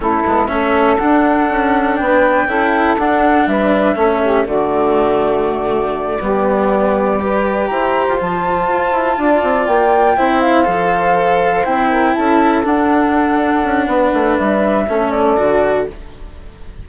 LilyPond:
<<
  \new Staff \with { instrumentName = "flute" } { \time 4/4 \tempo 4 = 121 a'4 e''4 fis''2 | g''2 fis''4 e''4~ | e''4 d''2.~ | d''2.~ d''8 ais''8~ |
ais''8 a''2. g''8~ | g''4 f''2~ f''8 g''8~ | g''8 a''4 fis''2~ fis''8~ | fis''4 e''4. d''4. | }
  \new Staff \with { instrumentName = "saxophone" } { \time 4/4 e'4 a'2. | b'4 a'2 b'4 | a'8 g'8 fis'2.~ | fis'8 g'2 b'4 c''8~ |
c''2~ c''8 d''4.~ | d''8 c''2.~ c''8 | ais'8 a'2.~ a'8 | b'2 a'2 | }
  \new Staff \with { instrumentName = "cello" } { \time 4/4 cis'8 b8 cis'4 d'2~ | d'4 e'4 d'2 | cis'4 a2.~ | a8 b2 g'4.~ |
g'8 f'2.~ f'8~ | f'8 e'4 a'2 e'8~ | e'4. d'2~ d'8~ | d'2 cis'4 fis'4 | }
  \new Staff \with { instrumentName = "bassoon" } { \time 4/4 a8 gis8 a4 d'4 cis'4 | b4 cis'4 d'4 g4 | a4 d2.~ | d8 g2. e'8~ |
e'16 f'16 f4 f'8 e'8 d'8 c'8 ais8~ | ais8 c'4 f2 c'8~ | c'8 cis'4 d'2 cis'8 | b8 a8 g4 a4 d4 | }
>>